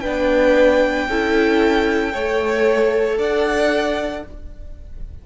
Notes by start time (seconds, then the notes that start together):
0.00 B3 D4 B4 G5
1.08 C#4 E4 A4
2.12 A3 A4 C#5
3.18 D4 D5 F#5